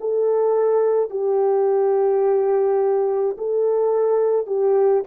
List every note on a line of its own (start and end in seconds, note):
0.00 1.10 A4
1.10 3.36 G4
3.38 4.46 A4
4.46 5.03 G4